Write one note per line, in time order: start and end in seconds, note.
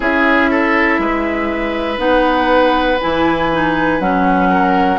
0.00 0.98 C#4
0.00 1.97 E4
0.00 0.50 G#4
0.00 1.99 E5
0.50 1.00 A4
0.98 1.97 G#3
0.98 4.49 B4
1.97 2.98 B3
1.97 2.97 D#4
1.97 2.99 F#5
3.00 4.00 E3
3.00 3.50 E4
3.00 4.00 G#5
3.52 4.00 D#4
4.00 4.98 F#3
4.00 4.98 C#4
4.00 4.98 F#5
4.49 4.98 A#4